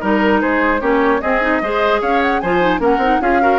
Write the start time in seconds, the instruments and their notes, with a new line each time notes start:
0.00 bassoon G3, clarinet D#4, oboe A#4, flute A#4
0.41 bassoon G#3, oboe G#4, flute C5
0.80 bassoon A#3, clarinet C#4, oboe G4, flute C#5
1.21 clarinet C4, bassoon C4, oboe G#4, flute D#5
1.41 clarinet D#4
1.61 bassoon G#3, clarinet G#4, oboe C5
2.01 bassoon C#4, oboe C#5, flute F5
2.21 flute F#5
2.40 bassoon F3, clarinet F4, oboe C5, flute G#5
2.60 clarinet D#4
2.79 bassoon A#3, clarinet C#4, oboe A#4, flute F#5
2.97 bassoon C4, clarinet D#4
3.21 bassoon C#4, clarinet F4, oboe G#4, flute F5
3.40 clarinet F#4, oboe A#4